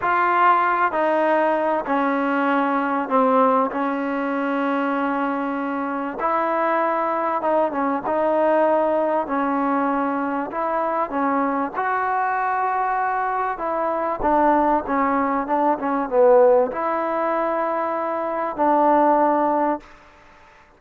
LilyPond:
\new Staff \with { instrumentName = "trombone" } { \time 4/4 \tempo 4 = 97 f'4. dis'4. cis'4~ | cis'4 c'4 cis'2~ | cis'2 e'2 | dis'8 cis'8 dis'2 cis'4~ |
cis'4 e'4 cis'4 fis'4~ | fis'2 e'4 d'4 | cis'4 d'8 cis'8 b4 e'4~ | e'2 d'2 | }